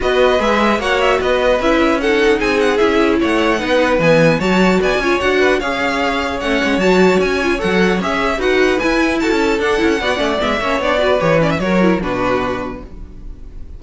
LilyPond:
<<
  \new Staff \with { instrumentName = "violin" } { \time 4/4 \tempo 4 = 150 dis''4 e''4 fis''8 e''8 dis''4 | e''4 fis''4 gis''8 fis''8 e''4 | fis''2 gis''4 a''4 | gis''4 fis''4 f''2 |
fis''4 a''4 gis''4 fis''4 | e''4 fis''4 gis''4 a''4 | fis''2 e''4 d''4 | cis''8 d''16 e''16 cis''4 b'2 | }
  \new Staff \with { instrumentName = "violin" } { \time 4/4 b'2 cis''4 b'4~ | b'4 a'4 gis'2 | cis''4 b'2 cis''4 | d''8 cis''4 b'8 cis''2~ |
cis''1~ | cis''4 b'2 a'4~ | a'4 d''4. cis''4 b'8~ | b'4 ais'4 fis'2 | }
  \new Staff \with { instrumentName = "viola" } { \time 4/4 fis'4 gis'4 fis'2 | e'4 dis'2 e'4~ | e'4 dis'4 b4 fis'4~ | fis'8 f'8 fis'4 gis'2 |
cis'4 fis'4. f'8 a'4 | gis'4 fis'4 e'2 | d'8 e'8 fis'8 cis'8 b8 cis'8 d'8 fis'8 | g'8 cis'8 fis'8 e'8 d'2 | }
  \new Staff \with { instrumentName = "cello" } { \time 4/4 b4 gis4 ais4 b4 | cis'2 c'4 cis'4 | a4 b4 e4 fis4 | b8 cis'8 d'4 cis'2 |
a8 gis8 fis4 cis'4 fis4 | cis'4 dis'4 e'4 fis'16 cis'8. | d'8 cis'8 b8 a8 gis8 ais8 b4 | e4 fis4 b,2 | }
>>